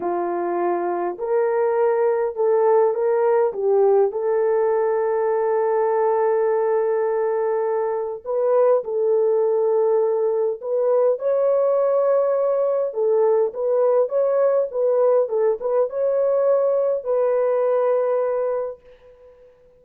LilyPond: \new Staff \with { instrumentName = "horn" } { \time 4/4 \tempo 4 = 102 f'2 ais'2 | a'4 ais'4 g'4 a'4~ | a'1~ | a'2 b'4 a'4~ |
a'2 b'4 cis''4~ | cis''2 a'4 b'4 | cis''4 b'4 a'8 b'8 cis''4~ | cis''4 b'2. | }